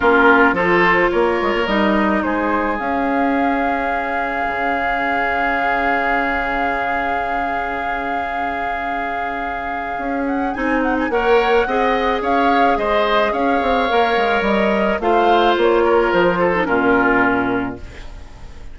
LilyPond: <<
  \new Staff \with { instrumentName = "flute" } { \time 4/4 \tempo 4 = 108 ais'4 c''4 cis''4 dis''4 | c''4 f''2.~ | f''1~ | f''1~ |
f''2~ f''8 fis''8 gis''8 fis''16 gis''16 | fis''2 f''4 dis''4 | f''2 dis''4 f''4 | cis''4 c''4 ais'2 | }
  \new Staff \with { instrumentName = "oboe" } { \time 4/4 f'4 a'4 ais'2 | gis'1~ | gis'1~ | gis'1~ |
gis'1 | cis''4 dis''4 cis''4 c''4 | cis''2. c''4~ | c''8 ais'4 a'8 f'2 | }
  \new Staff \with { instrumentName = "clarinet" } { \time 4/4 cis'4 f'2 dis'4~ | dis'4 cis'2.~ | cis'1~ | cis'1~ |
cis'2. dis'4 | ais'4 gis'2.~ | gis'4 ais'2 f'4~ | f'4.~ f'16 dis'16 cis'2 | }
  \new Staff \with { instrumentName = "bassoon" } { \time 4/4 ais4 f4 ais8 gis16 ais16 g4 | gis4 cis'2. | cis1~ | cis1~ |
cis2 cis'4 c'4 | ais4 c'4 cis'4 gis4 | cis'8 c'8 ais8 gis8 g4 a4 | ais4 f4 ais,2 | }
>>